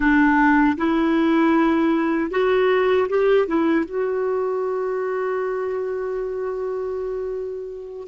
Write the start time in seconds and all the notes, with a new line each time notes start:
0.00 D4
0.77 E4
2.30 F#4
3.08 G4
3.47 E4
3.85 F#4